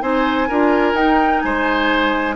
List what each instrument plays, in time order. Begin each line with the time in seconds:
0.00 bassoon C4, clarinet D#4, oboe C5, flute G#5
0.48 bassoon D4, clarinet F4, oboe A#4
0.93 bassoon D#4, clarinet D#4, flute G5
1.40 bassoon G#3, oboe C5, flute G#5